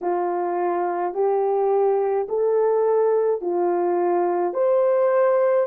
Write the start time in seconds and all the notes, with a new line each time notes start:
0.01 F4
1.13 G4
2.28 A4
3.41 F4
4.53 C5